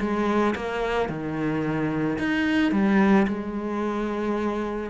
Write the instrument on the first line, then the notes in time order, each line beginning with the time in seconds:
cello
0.00 G#3
0.55 A#3
1.09 D#3
2.18 D#4
2.72 G3
3.27 G#3